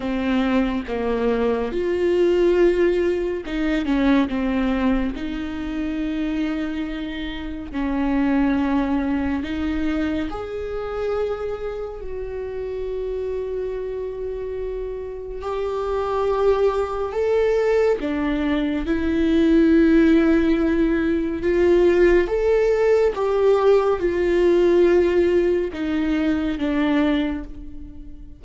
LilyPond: \new Staff \with { instrumentName = "viola" } { \time 4/4 \tempo 4 = 70 c'4 ais4 f'2 | dis'8 cis'8 c'4 dis'2~ | dis'4 cis'2 dis'4 | gis'2 fis'2~ |
fis'2 g'2 | a'4 d'4 e'2~ | e'4 f'4 a'4 g'4 | f'2 dis'4 d'4 | }